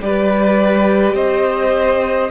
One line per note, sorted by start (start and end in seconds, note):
0.00 1.13 G3
0.00 2.30 G4
0.00 1.15 B4
0.00 1.15 D5
1.13 2.29 C4
1.13 2.30 C5
1.13 2.30 D#5